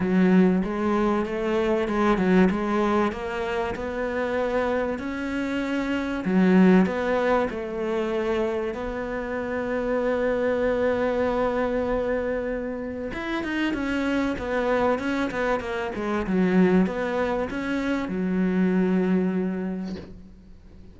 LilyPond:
\new Staff \with { instrumentName = "cello" } { \time 4/4 \tempo 4 = 96 fis4 gis4 a4 gis8 fis8 | gis4 ais4 b2 | cis'2 fis4 b4 | a2 b2~ |
b1~ | b4 e'8 dis'8 cis'4 b4 | cis'8 b8 ais8 gis8 fis4 b4 | cis'4 fis2. | }